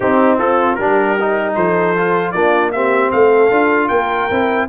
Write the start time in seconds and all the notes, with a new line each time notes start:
0.00 C4 D#4 G4
0.38 F4 A4
0.75 G3 D4 G4 A#4
1.20 D#4
1.54 F3 A4 C5
1.96 F4
2.31 A#3 D4 F4 D5
2.71 C4 G4 E5
3.11 A3 A4 F5
3.51 D4 F4
3.88 A#3 A#4 G5
4.30 C4 E4